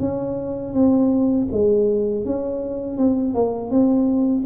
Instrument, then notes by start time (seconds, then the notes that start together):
tuba
0.00 C#4
0.74 C4
1.52 G#3
2.26 C#4
2.98 C4
3.35 A#3
3.71 C4